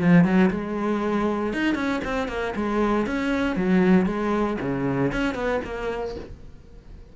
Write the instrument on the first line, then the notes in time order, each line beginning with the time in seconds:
cello
0.00 F3
0.24 F#3
0.50 G#3
1.53 D#4
1.75 C#4
2.04 C4
2.28 A#3
2.55 G#3
3.06 C#4
3.56 F#3
4.06 G#3
4.61 C#3
5.12 C#4
5.34 B3
5.64 A#3